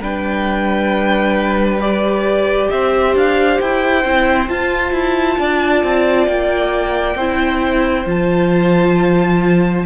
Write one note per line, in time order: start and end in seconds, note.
0.00 2.69 G3
0.00 1.80 D4
0.00 2.69 B4
0.00 1.81 G5
1.80 4.04 G4
1.80 2.71 D5
2.71 3.15 C4
2.71 5.39 C5
2.71 3.15 E5
3.15 3.59 D4
3.15 3.61 F5
3.61 4.05 E4
3.61 4.49 G5
4.05 4.49 C4
4.05 4.49 E4
4.49 7.17 F4
4.49 4.92 F4
4.49 6.27 A5
4.92 5.37 E4
5.39 5.84 D4
5.39 7.17 D5
5.84 6.27 C4
6.27 7.15 A#3
6.27 8.06 G5
7.15 8.05 C4
7.15 8.07 E4
7.15 9.86 C5
8.06 9.85 F3
8.06 9.86 F4
8.06 9.86 A5